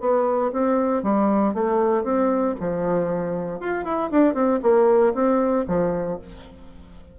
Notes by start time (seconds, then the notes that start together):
0.00 B3
0.52 C4
1.03 G3
1.54 A3
2.04 C4
2.60 F3
3.60 F4
3.85 E4
4.11 D4
4.34 C4
4.62 A#3
5.14 C4
5.67 F3